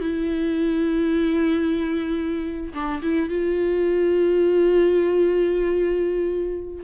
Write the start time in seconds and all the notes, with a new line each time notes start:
0.00 E4
2.74 D4
3.02 E4
3.29 F4